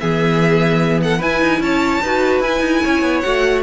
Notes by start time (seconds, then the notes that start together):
0.00 E3 B3 G#4 E5
1.02 A4 F#5
1.18 E4 B4 G#5
1.41 D#4
1.60 C#4 C#5 A5
2.02 D#4 F#4 B4
2.40 E4 G#5
2.60 D#4
2.83 C#4 C#5
3.02 B3
3.21 A3 F#4 F#5